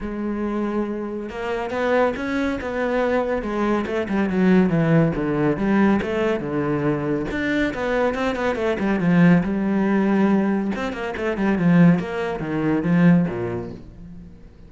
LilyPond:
\new Staff \with { instrumentName = "cello" } { \time 4/4 \tempo 4 = 140 gis2. ais4 | b4 cis'4 b2 | gis4 a8 g8 fis4 e4 | d4 g4 a4 d4~ |
d4 d'4 b4 c'8 b8 | a8 g8 f4 g2~ | g4 c'8 ais8 a8 g8 f4 | ais4 dis4 f4 ais,4 | }